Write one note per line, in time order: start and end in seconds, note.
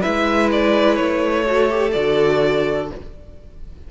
0.00 0.99 G#3
0.00 1.45 E4
0.00 1.43 B4
0.00 0.49 E5
0.51 0.95 D5
0.95 1.94 A3
0.95 1.90 C#5
1.46 1.69 F#4
1.46 2.90 A4
1.69 1.93 G4
1.92 2.91 D3
1.92 2.91 F#4
1.92 2.87 D5